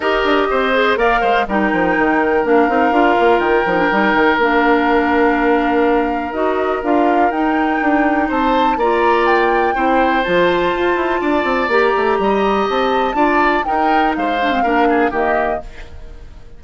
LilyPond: <<
  \new Staff \with { instrumentName = "flute" } { \time 4/4 \tempo 4 = 123 dis''2 f''4 g''4~ | g''4 f''2 g''4~ | g''4 f''2.~ | f''4 dis''4 f''4 g''4~ |
g''4 a''4 ais''4 g''4~ | g''4 a''2. | ais''2 a''2 | g''4 f''2 dis''4 | }
  \new Staff \with { instrumentName = "oboe" } { \time 4/4 ais'4 c''4 d''8 c''8 ais'4~ | ais'1~ | ais'1~ | ais'1~ |
ais'4 c''4 d''2 | c''2. d''4~ | d''4 dis''2 d''4 | ais'4 c''4 ais'8 gis'8 g'4 | }
  \new Staff \with { instrumentName = "clarinet" } { \time 4/4 g'4. gis'8 ais'4 dis'4~ | dis'4 d'8 dis'8 f'4. dis'16 d'16 | dis'4 d'2.~ | d'4 fis'4 f'4 dis'4~ |
dis'2 f'2 | e'4 f'2. | g'2. f'4 | dis'4. d'16 c'16 d'4 ais4 | }
  \new Staff \with { instrumentName = "bassoon" } { \time 4/4 dis'8 d'8 c'4 ais8 gis8 g8 f8 | dis4 ais8 c'8 d'8 ais8 dis8 f8 | g8 dis8 ais2.~ | ais4 dis'4 d'4 dis'4 |
d'4 c'4 ais2 | c'4 f4 f'8 e'8 d'8 c'8 | ais8 a8 g4 c'4 d'4 | dis'4 gis4 ais4 dis4 | }
>>